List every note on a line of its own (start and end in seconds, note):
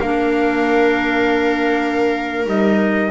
0.00 2.46 A#3
0.00 2.46 D4
0.00 3.11 A#4
0.00 2.48 F5
2.46 3.11 G3
2.46 3.11 D#4
2.46 3.11 D#5